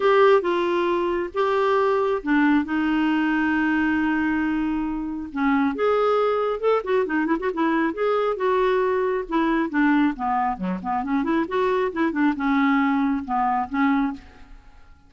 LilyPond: \new Staff \with { instrumentName = "clarinet" } { \time 4/4 \tempo 4 = 136 g'4 f'2 g'4~ | g'4 d'4 dis'2~ | dis'1 | cis'4 gis'2 a'8 fis'8 |
dis'8 e'16 fis'16 e'4 gis'4 fis'4~ | fis'4 e'4 d'4 b4 | fis8 b8 cis'8 e'8 fis'4 e'8 d'8 | cis'2 b4 cis'4 | }